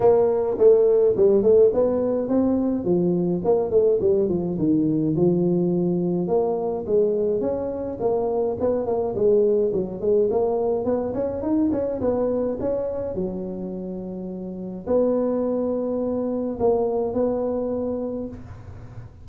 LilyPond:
\new Staff \with { instrumentName = "tuba" } { \time 4/4 \tempo 4 = 105 ais4 a4 g8 a8 b4 | c'4 f4 ais8 a8 g8 f8 | dis4 f2 ais4 | gis4 cis'4 ais4 b8 ais8 |
gis4 fis8 gis8 ais4 b8 cis'8 | dis'8 cis'8 b4 cis'4 fis4~ | fis2 b2~ | b4 ais4 b2 | }